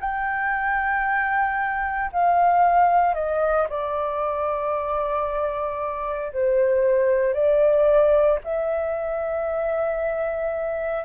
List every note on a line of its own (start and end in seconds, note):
0.00 2.11 G5
2.13 3.15 F5
3.15 3.67 D#5
3.69 6.33 D5
6.33 7.33 C5
7.33 8.39 D5
8.44 11.05 E5